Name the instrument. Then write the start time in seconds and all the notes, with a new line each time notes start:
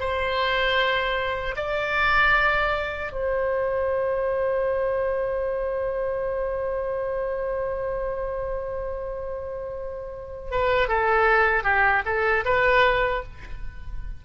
oboe
0.00 C5
1.57 D5
3.13 C5
10.51 B4
10.89 A4
11.64 G4
12.06 A4
12.45 B4